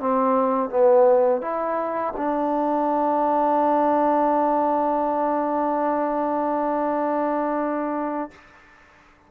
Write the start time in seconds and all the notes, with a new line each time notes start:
0.00 C4
0.70 B3
1.41 E4
2.17 D4